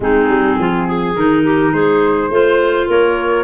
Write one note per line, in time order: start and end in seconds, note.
0.00 0.28 G#3
0.00 1.16 C4
0.00 0.59 D#4
0.00 1.16 G#4
0.28 0.57 G3
0.58 1.16 F3
0.58 0.87 F4
0.87 1.44 G#4
1.16 1.73 D#3
1.16 2.31 D#4
1.16 1.72 A#4
1.44 1.72 G4
1.72 2.30 G#3
1.72 2.31 G#4
1.72 2.88 C5
2.30 2.87 A3
2.30 3.44 F4
2.30 2.88 C5
2.88 3.44 A#3
2.88 3.44 A#4
2.88 3.44 C#5